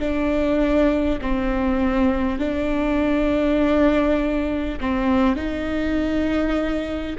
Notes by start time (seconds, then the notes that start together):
0.00 D4
1.22 C4
2.39 D4
4.81 C4
5.37 D#4